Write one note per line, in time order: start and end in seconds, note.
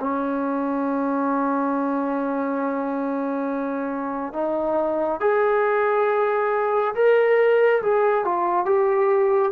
0.00 4.33 C#4
4.33 5.20 D#4
5.20 6.94 G#4
6.94 7.81 A#4
7.82 8.25 G#4
8.25 8.65 F4
8.65 9.52 G4